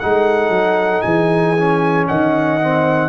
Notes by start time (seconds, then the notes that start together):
0.00 G#3 D#4 A4 F#5
0.50 F#3
1.02 E3 G#4 G#5
1.58 C#4
2.08 D#3 D#5 F#5
2.61 C4